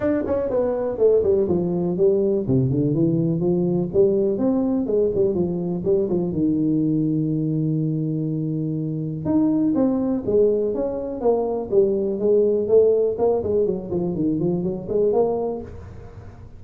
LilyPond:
\new Staff \with { instrumentName = "tuba" } { \time 4/4 \tempo 4 = 123 d'8 cis'8 b4 a8 g8 f4 | g4 c8 d8 e4 f4 | g4 c'4 gis8 g8 f4 | g8 f8 dis2.~ |
dis2. dis'4 | c'4 gis4 cis'4 ais4 | g4 gis4 a4 ais8 gis8 | fis8 f8 dis8 f8 fis8 gis8 ais4 | }